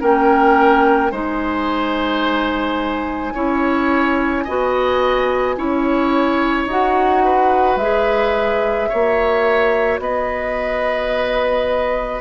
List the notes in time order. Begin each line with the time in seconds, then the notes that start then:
0.00 A#3 C#4 A#4 G5
1.10 G#3 D#4 C5 G#5
3.34 C#4 E4 C#5
4.44 B3 F#4 D#5
5.56 C#4 E4 C#5
6.66 D#4 F#4 F#5
7.24 B4
7.76 G#3 G#4 E5
8.89 A#3 F#4 C#5
9.99 B3 B4 D#5